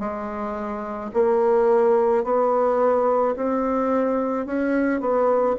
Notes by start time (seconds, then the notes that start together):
0.00 G#3
1.14 A#3
2.24 B3
3.36 C4
4.46 C#4
5.01 B3